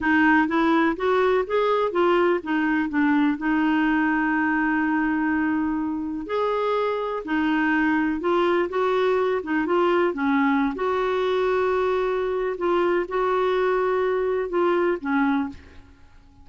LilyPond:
\new Staff \with { instrumentName = "clarinet" } { \time 4/4 \tempo 4 = 124 dis'4 e'4 fis'4 gis'4 | f'4 dis'4 d'4 dis'4~ | dis'1~ | dis'4 gis'2 dis'4~ |
dis'4 f'4 fis'4. dis'8 | f'4 cis'4~ cis'16 fis'4.~ fis'16~ | fis'2 f'4 fis'4~ | fis'2 f'4 cis'4 | }